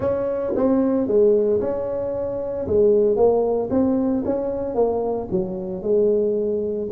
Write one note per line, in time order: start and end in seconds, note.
0.00 0.53 C#4
0.55 1.07 C4
1.07 1.60 G#3
1.60 2.67 C#4
2.67 3.16 G#3
3.16 3.69 A#3
3.70 4.23 C4
4.25 4.74 C#4
4.74 5.27 A#3
5.30 5.82 F#3
5.82 6.88 G#3